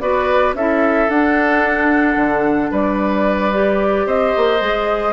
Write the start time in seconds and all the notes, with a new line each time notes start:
0.00 B3 F#4 B4 D5
0.53 C#4 E4 A4 E5
1.08 D4 F#5
2.15 D3
2.71 G3 B4 D5
3.52 G4
4.05 C4 C5 D#5
4.36 A#3
4.59 G#3 G#4